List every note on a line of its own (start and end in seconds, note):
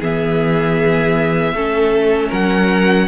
0.00 1.53 E3
0.00 1.56 B3
0.00 1.54 G#4
0.00 2.32 E5
1.53 2.30 A3
1.53 3.08 C#4
1.53 2.28 A4
2.28 3.08 F#3
2.28 3.05 A#4
2.28 3.08 F#5